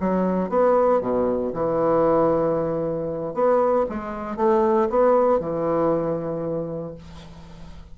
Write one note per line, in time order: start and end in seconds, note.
0.00 0.49 F#3
0.49 1.01 B3
1.01 1.53 B2
1.53 3.34 E3
3.34 3.86 B3
3.89 4.37 G#3
4.37 4.88 A3
4.90 5.40 B3
5.40 6.95 E3